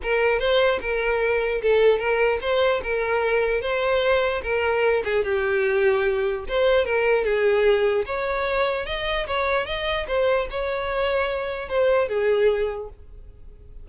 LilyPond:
\new Staff \with { instrumentName = "violin" } { \time 4/4 \tempo 4 = 149 ais'4 c''4 ais'2 | a'4 ais'4 c''4 ais'4~ | ais'4 c''2 ais'4~ | ais'8 gis'8 g'2. |
c''4 ais'4 gis'2 | cis''2 dis''4 cis''4 | dis''4 c''4 cis''2~ | cis''4 c''4 gis'2 | }